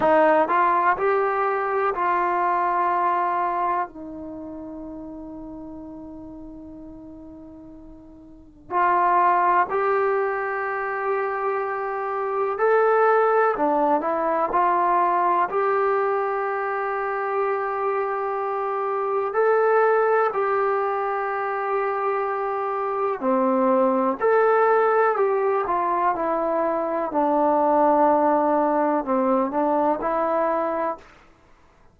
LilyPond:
\new Staff \with { instrumentName = "trombone" } { \time 4/4 \tempo 4 = 62 dis'8 f'8 g'4 f'2 | dis'1~ | dis'4 f'4 g'2~ | g'4 a'4 d'8 e'8 f'4 |
g'1 | a'4 g'2. | c'4 a'4 g'8 f'8 e'4 | d'2 c'8 d'8 e'4 | }